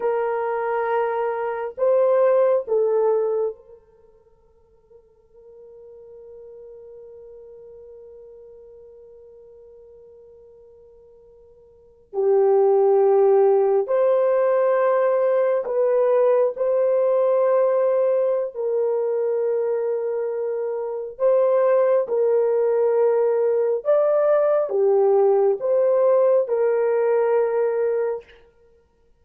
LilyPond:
\new Staff \with { instrumentName = "horn" } { \time 4/4 \tempo 4 = 68 ais'2 c''4 a'4 | ais'1~ | ais'1~ | ais'4.~ ais'16 g'2 c''16~ |
c''4.~ c''16 b'4 c''4~ c''16~ | c''4 ais'2. | c''4 ais'2 d''4 | g'4 c''4 ais'2 | }